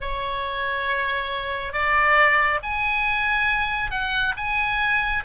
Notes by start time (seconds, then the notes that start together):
0.00 C#5
1.72 D5
2.62 G#5
3.91 F#5
4.36 G#5